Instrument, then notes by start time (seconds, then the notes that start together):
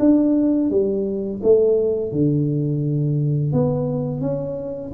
tuba
0.00 D4
0.71 G3
1.43 A3
2.12 D3
3.53 B3
4.21 C#4